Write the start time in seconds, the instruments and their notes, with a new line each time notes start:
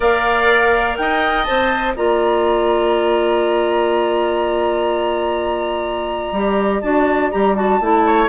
0.00 bassoon A#3, clarinet A#4, oboe D5, flute F5
0.96 bassoon D#4, oboe D#5, flute G5
1.44 bassoon C4, clarinet C5, flute A5
1.95 bassoon A#3, clarinet F4, oboe D5, flute A#5
6.32 bassoon G3, clarinet G4
6.81 bassoon D4, clarinet F#4, flute A5
7.30 bassoon G3, clarinet G4, flute A#5
7.55 clarinet F#4, flute A5
7.80 bassoon A3, clarinet E4
8.06 oboe C#5